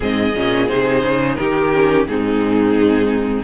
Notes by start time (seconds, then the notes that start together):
0.00 G#2 C4 G#4 D#5
0.35 A#2 C#4
0.68 C3 D#4 C5
1.01 C#3
1.35 D#3 G4 A#4
1.73 C#4
2.07 G#2 C4 D#4 G#4